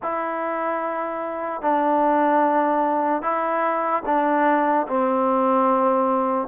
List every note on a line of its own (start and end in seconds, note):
0.02 1.61 E4
1.61 3.21 D4
3.21 4.02 E4
4.05 4.86 D4
4.87 6.48 C4